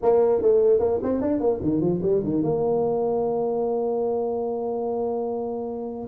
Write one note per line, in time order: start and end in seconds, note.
0.02 0.42 A#3
0.42 0.79 A3
0.79 1.00 A#3
1.02 1.21 C4
1.21 1.40 D4
1.40 1.60 A#3
1.61 1.80 D#3
1.80 2.01 F3
2.02 2.22 G3
2.23 2.43 D#3
2.43 6.07 A#3